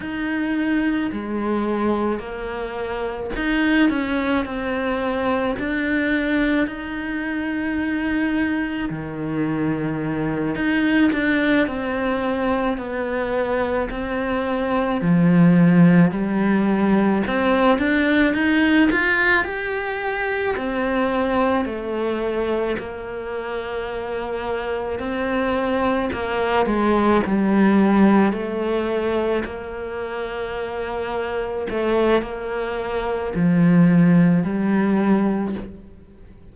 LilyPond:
\new Staff \with { instrumentName = "cello" } { \time 4/4 \tempo 4 = 54 dis'4 gis4 ais4 dis'8 cis'8 | c'4 d'4 dis'2 | dis4. dis'8 d'8 c'4 b8~ | b8 c'4 f4 g4 c'8 |
d'8 dis'8 f'8 g'4 c'4 a8~ | a8 ais2 c'4 ais8 | gis8 g4 a4 ais4.~ | ais8 a8 ais4 f4 g4 | }